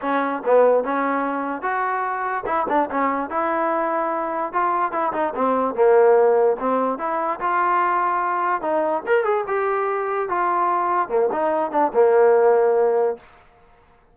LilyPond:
\new Staff \with { instrumentName = "trombone" } { \time 4/4 \tempo 4 = 146 cis'4 b4 cis'2 | fis'2 e'8 d'8 cis'4 | e'2. f'4 | e'8 dis'8 c'4 ais2 |
c'4 e'4 f'2~ | f'4 dis'4 ais'8 gis'8 g'4~ | g'4 f'2 ais8 dis'8~ | dis'8 d'8 ais2. | }